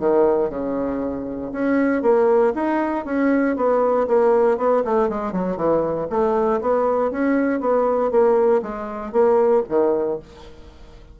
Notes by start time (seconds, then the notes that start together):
0.00 D#3
0.50 C#3
1.53 C#4
2.03 A#3
2.55 D#4
3.06 C#4
3.57 B3
4.08 A#3
4.58 B3
4.85 A3
5.10 G#3
5.33 F#3
5.57 E3
6.10 A3
6.61 B3
7.12 C#4
7.61 B3
8.11 A#3
8.63 G#3
9.13 A#3
9.69 D#3